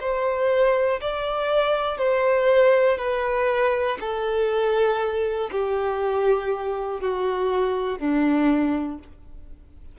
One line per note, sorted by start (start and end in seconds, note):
0.00 1.00 C5
1.01 1.98 D5
1.98 2.98 C5
2.98 3.98 B4
4.00 5.50 A4
5.52 7.01 G4
7.01 7.99 F#4
7.99 8.99 D4